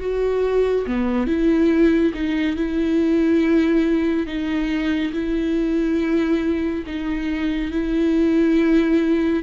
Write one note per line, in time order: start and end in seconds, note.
0.00 0.86 F#4
0.87 1.27 B3
1.27 2.13 E4
2.14 2.56 D#4
2.56 4.27 E4
4.27 5.12 D#4
5.13 6.84 E4
6.86 7.71 D#4
7.71 9.43 E4